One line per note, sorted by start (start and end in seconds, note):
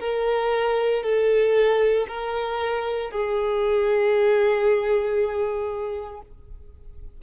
0.00 1.03 A#4
1.03 2.07 A4
2.08 3.11 A#4
3.11 6.21 G#4